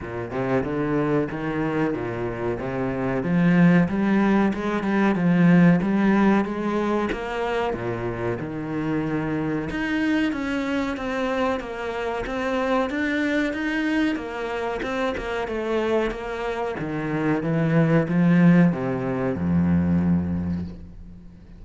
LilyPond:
\new Staff \with { instrumentName = "cello" } { \time 4/4 \tempo 4 = 93 ais,8 c8 d4 dis4 ais,4 | c4 f4 g4 gis8 g8 | f4 g4 gis4 ais4 | ais,4 dis2 dis'4 |
cis'4 c'4 ais4 c'4 | d'4 dis'4 ais4 c'8 ais8 | a4 ais4 dis4 e4 | f4 c4 f,2 | }